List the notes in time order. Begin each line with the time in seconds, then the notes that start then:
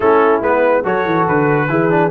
0.00 A3 C#4 E4 A4
0.40 G#3 B3 B4
0.83 F#3 F#4 A4 C#5
1.05 E3
1.27 D3 B4
1.68 E3 E4 G#4
1.90 D4